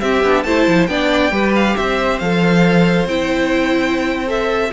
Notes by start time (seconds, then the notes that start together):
0.00 C4 G4 E5
0.23 B3 D4
0.43 A3 E4 C5 A5
0.67 F3
0.87 B3 D4 D5 G5
1.31 G3 G4 B4
1.55 F5
1.76 C4 C5 E5
2.19 F3 A4 F5
3.05 C4 E4 G5
4.27 A4 E5